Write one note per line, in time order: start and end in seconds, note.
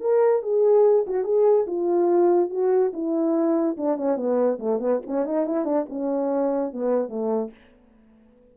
0.00 0.42 A#4
0.42 1.05 G#4
1.07 1.24 F#4
1.24 1.66 G#4
1.67 2.50 F4
2.50 2.92 F#4
2.93 3.77 E4
3.77 3.97 D4
3.97 4.16 C#4
4.16 4.58 B3
4.59 4.80 A3
4.80 5.01 B3
5.06 5.25 C#4
5.25 5.46 D#4
5.46 5.65 E4
5.65 5.86 D4
5.89 6.72 C#4
6.72 7.09 B3
7.09 7.51 A3